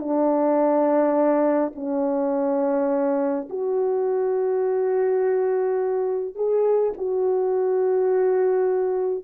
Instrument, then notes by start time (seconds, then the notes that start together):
horn
0.00 D4
1.75 C#4
3.50 F#4
6.35 G#4
6.97 F#4